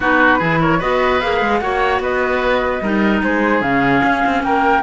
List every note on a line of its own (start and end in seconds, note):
0.00 0.39 B3
0.00 0.40 D#4
0.00 0.38 F#4
0.00 0.61 B4
0.38 0.80 E3
0.38 0.80 E4
0.38 0.58 G#4
0.61 0.78 A#4
0.61 0.81 C#5
0.78 1.21 B3
0.78 1.20 F#4
0.78 1.59 B4
0.78 1.20 D#5
1.20 1.41 A#3
1.20 1.61 G#4
1.20 1.59 F5
1.41 1.60 G#3
1.59 1.99 A#3
1.59 2.82 F#4
1.59 2.02 C#5
1.59 1.99 F#5
1.99 2.80 B3
1.99 2.82 B4
1.99 3.22 D#5
2.81 3.22 G3
2.81 3.63 D#4
2.81 3.23 A#4
3.23 3.61 G#3
3.23 4.44 G#4
3.23 3.61 C5
3.61 4.01 C#3
3.61 4.83 C#4
3.61 4.42 F5
4.03 4.23 C#4
4.26 4.43 C4
4.43 4.83 A#3
4.43 4.83 A#4
4.43 4.83 G5